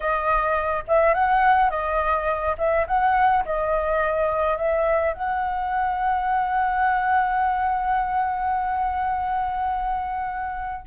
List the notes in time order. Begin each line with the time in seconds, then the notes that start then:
0.00 D#5
0.87 E5
1.14 F#5
1.70 D#5
2.57 E5
2.87 F#5
3.45 D#5
4.57 E5
5.13 F#5